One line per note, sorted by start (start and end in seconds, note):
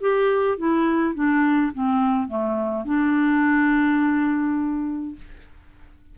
0.00 0.57 G4
0.57 1.14 E4
1.14 1.72 D4
1.73 2.28 C4
2.28 2.85 A3
2.85 5.15 D4